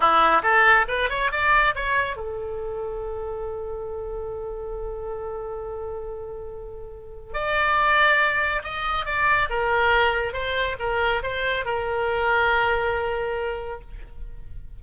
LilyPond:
\new Staff \with { instrumentName = "oboe" } { \time 4/4 \tempo 4 = 139 e'4 a'4 b'8 cis''8 d''4 | cis''4 a'2.~ | a'1~ | a'1~ |
a'4 d''2. | dis''4 d''4 ais'2 | c''4 ais'4 c''4 ais'4~ | ais'1 | }